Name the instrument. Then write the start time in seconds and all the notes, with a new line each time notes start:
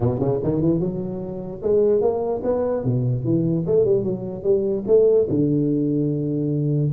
tuba
0.00 B2
0.19 C#3
0.43 D#3
0.61 E3
0.80 F#3
1.62 G#3
2.01 A#3
2.43 B3
2.84 B2
3.24 E3
3.66 A3
3.85 G3
4.03 F#3
4.43 G3
4.87 A3
5.29 D3